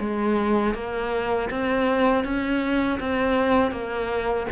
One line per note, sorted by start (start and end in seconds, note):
0.00 0.75 G#3
0.75 1.50 A#3
1.50 2.24 C4
2.24 2.99 C#4
3.00 3.72 C4
3.72 4.47 A#3